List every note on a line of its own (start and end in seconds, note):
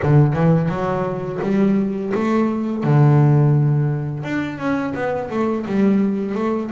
0.02 0.33 D3
0.33 0.69 E3
0.69 1.39 F#3
1.41 2.12 G3
2.14 2.83 A3
2.83 4.23 D3
4.23 4.58 D4
4.58 4.93 C#4
4.94 5.29 B3
5.30 5.65 A3
5.66 6.35 G3
6.35 6.70 A3